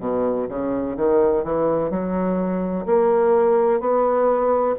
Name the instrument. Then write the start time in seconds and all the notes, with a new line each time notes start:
bassoon
0.00 B2
0.49 C#3
0.97 D#3
1.44 E3
1.91 F#3
2.86 A#3
3.81 B3